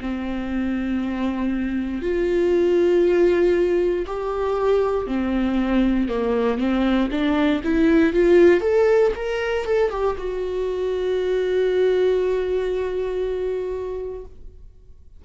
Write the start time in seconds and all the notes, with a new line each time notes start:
0.00 C4
2.02 F4
4.06 G4
5.07 C4
6.08 A#3
6.58 C4
7.11 D4
7.63 E4
8.13 F4
8.61 A4
9.15 A#4
9.65 A4
9.90 G4
10.18 F#4